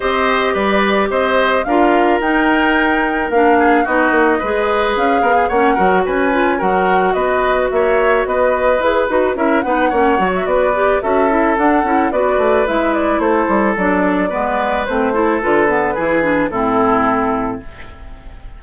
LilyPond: <<
  \new Staff \with { instrumentName = "flute" } { \time 4/4 \tempo 4 = 109 dis''4 d''4 dis''4 f''4 | g''2 f''4 dis''4~ | dis''4 f''4 fis''4 gis''4 | fis''4 dis''4 e''4 dis''4 |
b'4 e''8 fis''4~ fis''16 e''16 d''4 | e''4 fis''4 d''4 e''8 d''8 | c''4 d''2 c''4 | b'2 a'2 | }
  \new Staff \with { instrumentName = "oboe" } { \time 4/4 c''4 b'4 c''4 ais'4~ | ais'2~ ais'8 gis'8 fis'4 | b'4. ais'16 gis'16 cis''8 ais'8 b'4 | ais'4 b'4 cis''4 b'4~ |
b'4 ais'8 b'8 cis''4 b'4 | a'2 b'2 | a'2 b'4. a'8~ | a'4 gis'4 e'2 | }
  \new Staff \with { instrumentName = "clarinet" } { \time 4/4 g'2. f'4 | dis'2 d'4 dis'4 | gis'2 cis'8 fis'4 f'8 | fis'1 |
gis'8 fis'8 e'8 dis'8 cis'8 fis'4 g'8 | fis'8 e'8 d'8 e'8 fis'4 e'4~ | e'4 d'4 b4 c'8 e'8 | f'8 b8 e'8 d'8 c'2 | }
  \new Staff \with { instrumentName = "bassoon" } { \time 4/4 c'4 g4 c'4 d'4 | dis'2 ais4 b8 ais8 | gis4 cis'8 b8 ais8 fis8 cis'4 | fis4 b4 ais4 b4 |
e'8 dis'8 cis'8 b8 ais8 fis8 b4 | cis'4 d'8 cis'8 b8 a8 gis4 | a8 g8 fis4 gis4 a4 | d4 e4 a,2 | }
>>